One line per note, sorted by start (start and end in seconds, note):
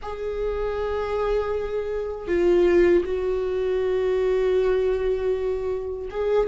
0.02 2.27 G#4
2.27 3.03 F4
3.04 6.08 F#4
6.10 6.48 G#4